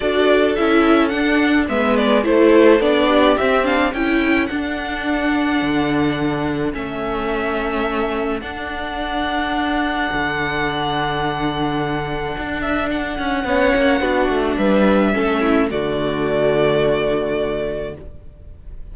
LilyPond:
<<
  \new Staff \with { instrumentName = "violin" } { \time 4/4 \tempo 4 = 107 d''4 e''4 fis''4 e''8 d''8 | c''4 d''4 e''8 f''8 g''4 | fis''1 | e''2. fis''4~ |
fis''1~ | fis''2~ fis''8 e''8 fis''4~ | fis''2 e''2 | d''1 | }
  \new Staff \with { instrumentName = "violin" } { \time 4/4 a'2. b'4 | a'4. g'4. a'4~ | a'1~ | a'1~ |
a'1~ | a'1 | cis''4 fis'4 b'4 a'8 e'8 | fis'1 | }
  \new Staff \with { instrumentName = "viola" } { \time 4/4 fis'4 e'4 d'4 b4 | e'4 d'4 c'8 d'8 e'4 | d'1 | cis'2. d'4~ |
d'1~ | d'1 | cis'4 d'2 cis'4 | a1 | }
  \new Staff \with { instrumentName = "cello" } { \time 4/4 d'4 cis'4 d'4 gis4 | a4 b4 c'4 cis'4 | d'2 d2 | a2. d'4~ |
d'2 d2~ | d2 d'4. cis'8 | b8 ais8 b8 a8 g4 a4 | d1 | }
>>